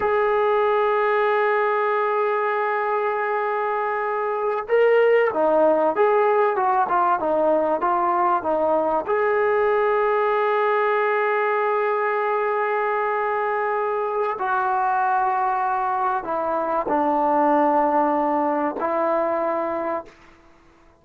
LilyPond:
\new Staff \with { instrumentName = "trombone" } { \time 4/4 \tempo 4 = 96 gis'1~ | gis'2.~ gis'8 ais'8~ | ais'8 dis'4 gis'4 fis'8 f'8 dis'8~ | dis'8 f'4 dis'4 gis'4.~ |
gis'1~ | gis'2. fis'4~ | fis'2 e'4 d'4~ | d'2 e'2 | }